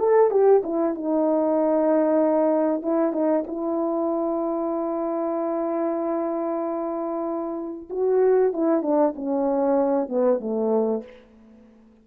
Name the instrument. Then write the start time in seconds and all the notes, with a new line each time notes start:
horn
0.00 A4
0.31 G4
0.64 E4
0.95 D#4
2.83 E4
3.13 D#4
3.48 E4
7.91 F#4
8.53 E4
8.83 D4
9.16 C#4
10.09 B3
10.41 A3